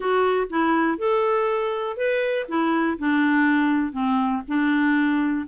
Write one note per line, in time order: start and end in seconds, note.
0.00 0.47 F#4
0.49 0.97 E4
0.97 1.96 A4
1.96 2.46 B4
2.48 2.98 E4
2.98 3.92 D4
3.92 4.41 C4
4.47 5.47 D4